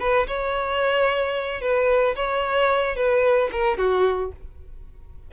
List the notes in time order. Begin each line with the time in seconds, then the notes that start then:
0.00 B4
0.27 C#5
1.61 B4
2.16 C#5
2.96 B4
3.52 A#4
3.78 F#4